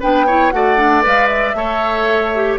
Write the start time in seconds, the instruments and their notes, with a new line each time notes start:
0.00 bassoon B3, clarinet D4, oboe B4, flute G5
0.27 clarinet E4, oboe C#5
0.51 bassoon A3, clarinet F#4, oboe D5, flute F#5
0.77 clarinet D4
1.02 bassoon G#3, clarinet B4, flute F5
1.27 flute E5
1.54 bassoon A3, clarinet A4, oboe C#5
2.35 clarinet G4